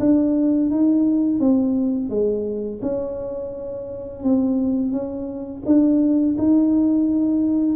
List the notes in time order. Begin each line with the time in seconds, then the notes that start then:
0.00 D4
0.71 D#4
1.40 C4
2.10 G#3
2.82 C#4
4.24 C4
4.93 C#4
5.66 D4
6.38 D#4